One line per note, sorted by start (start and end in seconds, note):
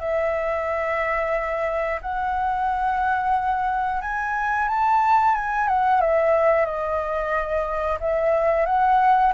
0.00 2.00 E5
2.02 4.02 F#5
4.02 4.68 G#5
4.69 5.35 A5
5.35 5.68 G#5
5.68 6.01 F#5
6.01 6.66 E5
6.66 7.99 D#5
8.01 8.66 E5
8.66 9.33 F#5